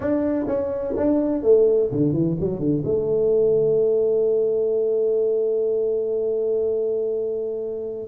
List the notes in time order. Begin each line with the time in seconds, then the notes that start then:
0.00 D4
0.47 C#4
0.96 D4
1.42 A3
1.91 D3
2.12 E3
2.40 F#3
2.59 D3
2.84 A3